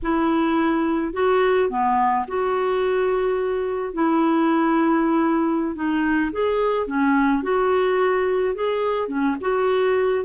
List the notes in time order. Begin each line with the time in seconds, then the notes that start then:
0.02 E4
1.13 F#4
1.69 B3
2.27 F#4
3.93 E4
5.75 D#4
6.31 G#4
6.86 C#4
7.42 F#4
8.54 G#4
9.08 C#4
9.40 F#4